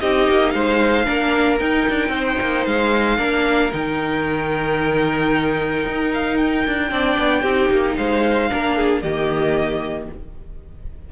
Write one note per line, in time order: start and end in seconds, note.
0.00 0.29 C4
0.00 1.05 D#4
0.00 0.54 G4
0.00 0.51 D#5
0.29 0.54 A#3
0.51 1.07 G#3
0.51 1.05 C5
0.51 1.57 F5
1.05 1.60 A#3
1.05 1.58 D4
1.05 2.12 A#4
1.59 3.18 D#4
1.59 1.87 D#4
1.59 2.66 G5
1.89 2.08 D4
2.08 2.35 C4
2.08 3.18 C5
2.41 2.66 A#3
2.66 3.19 G#3
2.66 3.72 F5
3.18 3.72 A#3
3.18 3.71 D4
3.18 6.89 A#4
3.72 5.86 D#3
3.72 6.91 D#4
3.72 6.12 G5
5.86 6.66 D#4
6.13 6.37 F5
6.37 7.96 G5
6.66 6.91 D4
6.91 7.17 C4
6.91 7.44 D4
6.91 7.42 D5
7.18 7.43 B3
7.42 7.70 C4
7.42 8.49 D#4
7.42 7.95 G4
7.71 7.97 A#3
7.97 8.51 G#3
7.97 8.50 C5
7.97 9.02 F5
8.49 9.03 A#3
8.49 9.02 D4
8.49 8.77 A#4
8.77 9.03 G#4
9.02 10.09 D#3
9.02 10.12 A#3
9.02 10.09 G4
9.02 10.08 D#5